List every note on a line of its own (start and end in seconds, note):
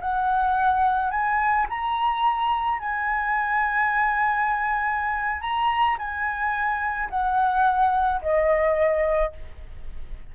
0.00 1.11 F#5
1.11 1.66 G#5
1.69 2.79 A#5
2.79 5.41 G#5
5.41 5.96 A#5
5.98 7.09 G#5
7.10 8.21 F#5
8.21 9.32 D#5